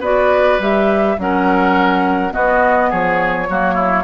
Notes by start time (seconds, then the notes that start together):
0.00 B3 F#4 B4 D5
0.59 G3 G4 E5
1.18 F#3 C#4 A#4 F#5
2.31 B3 F#4 D#5
2.90 F3 G#4 C#5
3.49 F#3 A#3 F#4
3.74 E4